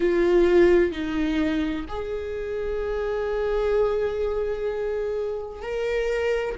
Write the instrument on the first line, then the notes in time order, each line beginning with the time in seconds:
viola
0.00 F4
0.92 D#4
1.88 G#4
5.62 A#4